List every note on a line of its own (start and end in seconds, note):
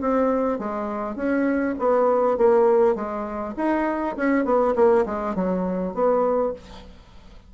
0.00 0.59 C4
0.59 1.16 G#3
1.16 1.75 C#4
1.79 2.37 B3
2.37 2.95 A#3
2.95 3.54 G#3
3.56 4.16 D#4
4.16 4.45 C#4
4.45 4.74 B3
4.75 5.05 A#3
5.05 5.35 G#3
5.35 5.94 F#3
5.94 6.53 B3